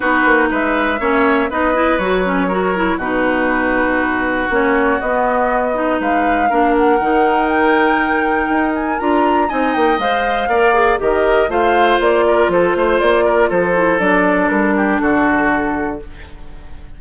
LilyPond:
<<
  \new Staff \with { instrumentName = "flute" } { \time 4/4 \tempo 4 = 120 b'4 e''2 dis''4 | cis''2 b'2~ | b'4 cis''4 dis''2 | f''4. fis''4. g''4~ |
g''4. gis''8 ais''4 gis''8 g''8 | f''2 dis''4 f''4 | d''4 c''4 d''4 c''4 | d''4 ais'4 a'2 | }
  \new Staff \with { instrumentName = "oboe" } { \time 4/4 fis'4 b'4 cis''4 b'4~ | b'4 ais'4 fis'2~ | fis'1 | b'4 ais'2.~ |
ais'2. dis''4~ | dis''4 d''4 ais'4 c''4~ | c''8 ais'8 a'8 c''4 ais'8 a'4~ | a'4. g'8 fis'2 | }
  \new Staff \with { instrumentName = "clarinet" } { \time 4/4 dis'2 cis'4 dis'8 e'8 | fis'8 cis'8 fis'8 e'8 dis'2~ | dis'4 cis'4 b4. dis'8~ | dis'4 d'4 dis'2~ |
dis'2 f'4 dis'4 | c''4 ais'8 gis'8 g'4 f'4~ | f'2.~ f'8 e'8 | d'1 | }
  \new Staff \with { instrumentName = "bassoon" } { \time 4/4 b8 ais8 gis4 ais4 b4 | fis2 b,2~ | b,4 ais4 b2 | gis4 ais4 dis2~ |
dis4 dis'4 d'4 c'8 ais8 | gis4 ais4 dis4 a4 | ais4 f8 a8 ais4 f4 | fis4 g4 d2 | }
>>